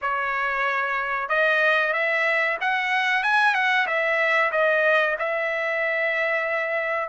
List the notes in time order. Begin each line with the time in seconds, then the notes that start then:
0.01 C#5
1.28 D#5
1.93 E5
2.60 F#5
3.23 G#5
3.54 F#5
3.87 E5
4.51 D#5
5.18 E5